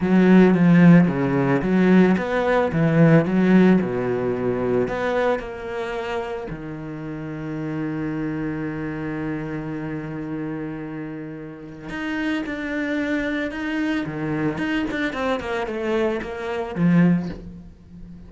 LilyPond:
\new Staff \with { instrumentName = "cello" } { \time 4/4 \tempo 4 = 111 fis4 f4 cis4 fis4 | b4 e4 fis4 b,4~ | b,4 b4 ais2 | dis1~ |
dis1~ | dis2 dis'4 d'4~ | d'4 dis'4 dis4 dis'8 d'8 | c'8 ais8 a4 ais4 f4 | }